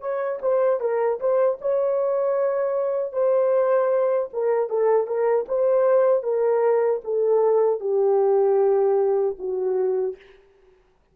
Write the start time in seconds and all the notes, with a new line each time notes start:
0.00 C#5
0.41 C5
0.80 A#4
1.20 C5
1.61 C#5
3.12 C5
4.33 A#4
4.69 A4
5.07 A#4
5.48 C5
6.23 A#4
7.04 A4
7.80 G4
9.38 F#4